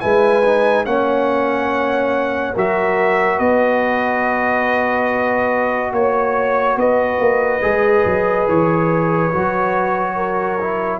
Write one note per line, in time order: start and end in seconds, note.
0.00 0.86 G#3
0.00 0.43 E4
0.00 0.85 B4
0.00 0.85 G#5
0.46 0.85 D#4
0.85 2.55 A#3
0.85 2.54 C#4
0.85 2.54 C#5
0.85 2.55 F#5
2.54 3.39 F#3
2.54 7.62 F#4
2.54 3.37 A#4
2.54 3.39 E5
3.37 5.92 B3
3.37 5.91 B4
3.37 5.93 D#5
5.92 6.77 A#3
5.92 6.78 C#5
6.77 7.19 B3
6.77 10.16 B4
6.77 8.48 D#5
7.20 7.62 A#3
7.62 8.05 G#3
7.62 9.31 G#4
8.05 8.48 F#3
8.48 9.33 E3
8.48 11.00 C#5
9.32 11.00 F#3
9.32 10.59 F#4
10.16 11.00 A#4
10.60 11.00 E4